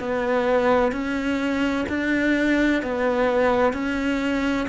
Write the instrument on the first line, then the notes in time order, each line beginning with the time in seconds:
cello
0.00 B3
0.92 C#4
1.89 D4
2.83 B3
3.73 C#4